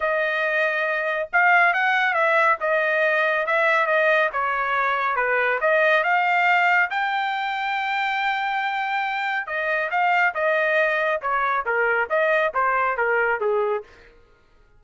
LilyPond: \new Staff \with { instrumentName = "trumpet" } { \time 4/4 \tempo 4 = 139 dis''2. f''4 | fis''4 e''4 dis''2 | e''4 dis''4 cis''2 | b'4 dis''4 f''2 |
g''1~ | g''2 dis''4 f''4 | dis''2 cis''4 ais'4 | dis''4 c''4 ais'4 gis'4 | }